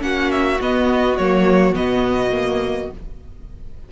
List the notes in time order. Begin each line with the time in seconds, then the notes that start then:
0.00 A#3 C#4 F#4 F#5
0.32 E5
0.61 B3 D#5
1.17 F#3 A#3 C#5
1.75 B2 B3 D#5
2.32 A#3